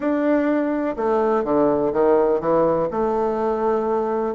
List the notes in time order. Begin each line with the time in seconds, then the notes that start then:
0.00 D4
0.96 A3
1.44 D3
1.92 D#3
2.40 E3
2.91 A3